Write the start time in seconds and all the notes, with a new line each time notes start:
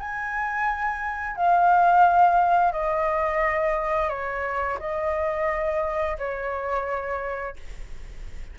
0.00 G#5
1.36 F5
2.73 D#5
4.09 C#5
4.80 D#5
6.18 C#5